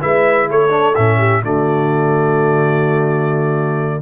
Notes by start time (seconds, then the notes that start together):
0.00 G#3 E4 B4 E5
0.49 A3 A4 C#5
0.69 D4
0.95 A2 C#4 E5
1.17 G4
1.42 D3 A3 F#4 D5